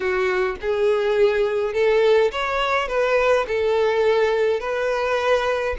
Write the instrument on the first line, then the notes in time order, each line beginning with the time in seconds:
violin
0.00 F#4
0.61 G#4
1.73 A4
2.31 C#5
2.88 B4
3.47 A4
4.60 B4